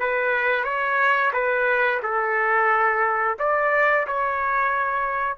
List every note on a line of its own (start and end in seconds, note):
0.00 0.64 B4
0.64 1.32 C#5
1.33 2.00 B4
2.03 3.37 A4
3.39 4.07 D5
4.07 5.37 C#5